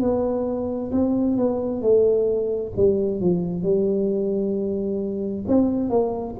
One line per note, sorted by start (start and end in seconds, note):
0.00 0.91 B3
0.91 1.36 C4
1.36 1.81 B3
1.81 2.72 A3
2.76 3.20 G3
3.20 3.62 F3
3.62 5.44 G3
5.47 5.89 C4
5.89 6.35 A#3